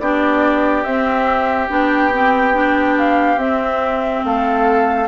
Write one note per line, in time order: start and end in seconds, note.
0.00 0.85 B3
0.00 0.87 D4
0.00 4.25 G4
0.00 0.84 D5
0.84 1.70 C4
0.84 1.69 E5
1.70 3.37 B3
1.70 2.12 D4
1.70 2.99 G5
2.13 2.54 C4
2.54 3.39 D4
2.99 3.39 F5
3.37 4.22 C4
3.37 5.08 C4
3.37 4.24 E5
4.25 5.08 A3
4.25 5.08 A4
4.25 5.08 F5